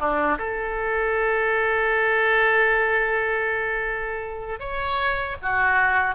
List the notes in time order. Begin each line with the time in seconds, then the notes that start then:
0.00 D4
0.39 A4
4.60 C#5
5.42 F#4